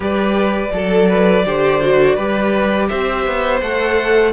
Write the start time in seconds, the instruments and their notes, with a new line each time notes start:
0.00 cello G3, viola G4, violin B4 D5
0.73 cello F#3, viola A4, violin A4
1.09 violin B4
1.45 cello D3, viola G4, violin C5
1.81 viola F#4
2.15 cello G3, viola G4, violin B4
2.88 cello C4, violin C5 E5
3.26 cello B3
3.60 cello A3, viola A4, violin F#5